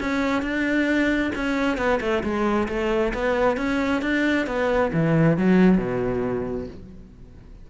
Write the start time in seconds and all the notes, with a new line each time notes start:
0.00 C#4
0.43 D4
1.36 C#4
1.78 B3
2.01 A3
2.24 G#3
2.69 A3
3.14 B3
3.57 C#4
4.02 D4
4.47 B3
4.94 E3
5.38 F#3
5.78 B2